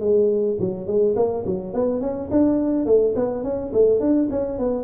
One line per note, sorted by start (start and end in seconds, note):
0.00 0.57 G#3
0.59 0.86 F#3
0.86 1.15 G#3
1.16 1.44 A#3
1.46 1.73 F#3
1.73 2.01 B3
2.01 2.29 C#4
2.31 2.85 D4
2.85 3.14 A3
3.15 3.43 B3
3.43 3.72 C#4
3.73 4.00 A3
4.00 4.28 D4
4.30 4.58 C#4
4.58 4.84 B3